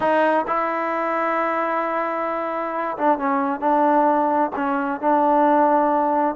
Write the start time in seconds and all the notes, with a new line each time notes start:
0.00 D#4
0.47 E4
2.97 D4
3.18 C#4
3.60 D4
4.55 C#4
5.00 D4